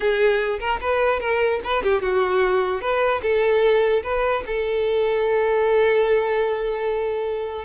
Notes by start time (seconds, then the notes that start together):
0.00 G#4
0.59 A#4
0.80 B4
1.20 A#4
1.63 B4
1.83 G4
2.02 F#4
2.81 B4
3.22 A4
4.03 B4
4.46 A4